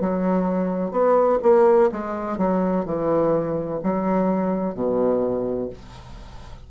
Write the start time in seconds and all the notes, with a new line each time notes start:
0.00 F#3
0.91 B3
1.42 A#3
1.91 G#3
2.37 F#3
2.85 E3
3.83 F#3
4.74 B2